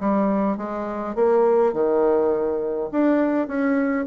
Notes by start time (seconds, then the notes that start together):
0.00 G3
0.57 G#3
1.15 A#3
1.73 D#3
2.91 D4
3.47 C#4